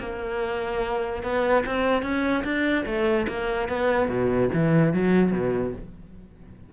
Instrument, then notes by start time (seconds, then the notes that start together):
cello
0.00 A#3
1.23 B3
1.66 C4
2.03 C#4
2.44 D4
2.86 A3
3.28 A#3
3.69 B3
4.09 B2
4.54 E3
4.94 F#3
5.32 B2